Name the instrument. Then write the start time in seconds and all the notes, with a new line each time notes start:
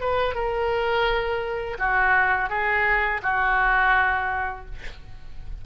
oboe
0.00 B4
0.34 A#4
1.78 F#4
2.49 G#4
3.22 F#4